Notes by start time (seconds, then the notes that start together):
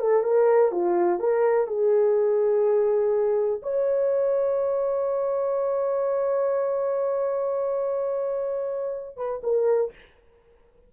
0.00 A4
0.23 A#4
0.72 F4
1.20 A#4
1.68 G#4
3.62 C#5
9.17 B4
9.43 A#4